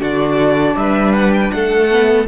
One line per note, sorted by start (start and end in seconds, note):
0.00 0.75 D3
0.00 1.88 D4
0.00 0.76 F#4
0.00 0.76 D5
0.76 1.51 G3
0.76 1.53 B4
0.76 1.13 E5
1.13 1.31 F#5
1.33 1.51 G5
1.51 2.27 A3
1.51 2.27 A4
1.51 2.26 F#5
1.90 2.27 B3